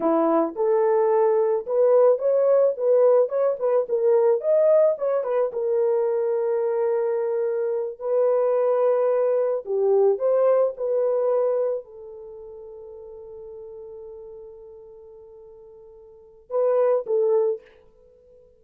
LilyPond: \new Staff \with { instrumentName = "horn" } { \time 4/4 \tempo 4 = 109 e'4 a'2 b'4 | cis''4 b'4 cis''8 b'8 ais'4 | dis''4 cis''8 b'8 ais'2~ | ais'2~ ais'8 b'4.~ |
b'4. g'4 c''4 b'8~ | b'4. a'2~ a'8~ | a'1~ | a'2 b'4 a'4 | }